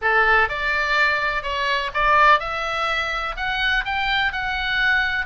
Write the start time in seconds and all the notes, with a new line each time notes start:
0.01 A4
0.48 D5
1.42 C#5
1.94 D5
2.39 E5
3.36 F#5
3.85 G5
4.32 F#5